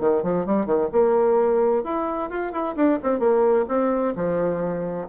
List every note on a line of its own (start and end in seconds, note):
0.00 0.23 D#3
0.23 0.46 F3
0.46 0.66 G3
0.66 0.89 D#3
0.92 1.84 A#3
1.84 2.30 E4
2.30 2.52 F4
2.52 2.75 E4
2.76 2.99 D4
3.03 3.19 C4
3.19 3.65 A#3
3.68 4.15 C4
4.16 5.08 F3